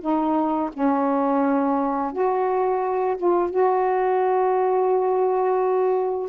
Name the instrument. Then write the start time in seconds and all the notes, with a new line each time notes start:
saxophone
0.00 D#4
0.73 C#4
2.12 F#4
3.17 F4
3.50 F#4